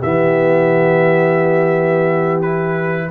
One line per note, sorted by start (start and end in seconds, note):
0.00 3.11 E3
0.00 2.45 B3
0.00 3.10 G4
0.00 2.42 E5
2.42 3.11 E4
2.42 3.11 B4